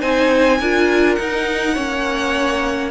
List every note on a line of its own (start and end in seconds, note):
0.00 0.60 C4
0.00 0.59 D#4
0.00 0.58 C5
0.00 1.15 G#5
0.60 1.18 D4
0.60 1.20 F4
0.60 1.74 A#4
1.15 1.77 D#4
1.15 1.76 D#4
1.15 2.90 F#5
1.74 2.91 A#3
1.74 2.91 C#4
1.74 2.90 C#5